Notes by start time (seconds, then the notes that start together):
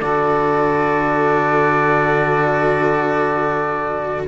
0.00 D3 F#4 A4 D5